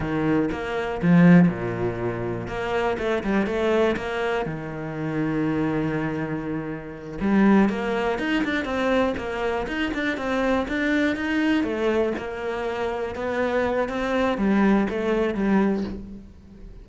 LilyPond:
\new Staff \with { instrumentName = "cello" } { \time 4/4 \tempo 4 = 121 dis4 ais4 f4 ais,4~ | ais,4 ais4 a8 g8 a4 | ais4 dis2.~ | dis2~ dis8 g4 ais8~ |
ais8 dis'8 d'8 c'4 ais4 dis'8 | d'8 c'4 d'4 dis'4 a8~ | a8 ais2 b4. | c'4 g4 a4 g4 | }